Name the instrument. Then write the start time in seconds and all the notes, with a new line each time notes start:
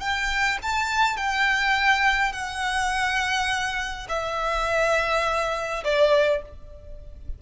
violin
0.00 G5
0.62 A5
1.17 G5
2.32 F#5
4.09 E5
5.84 D5